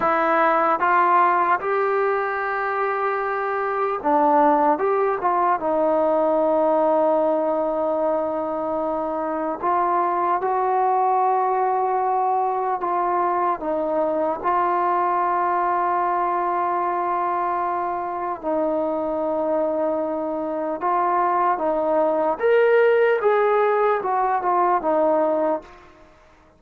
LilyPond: \new Staff \with { instrumentName = "trombone" } { \time 4/4 \tempo 4 = 75 e'4 f'4 g'2~ | g'4 d'4 g'8 f'8 dis'4~ | dis'1 | f'4 fis'2. |
f'4 dis'4 f'2~ | f'2. dis'4~ | dis'2 f'4 dis'4 | ais'4 gis'4 fis'8 f'8 dis'4 | }